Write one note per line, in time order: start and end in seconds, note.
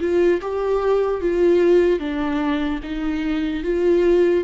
0.00 0.41 F4
0.41 1.21 G4
1.21 1.99 F4
1.99 2.80 D4
2.83 3.63 D#4
3.63 4.44 F4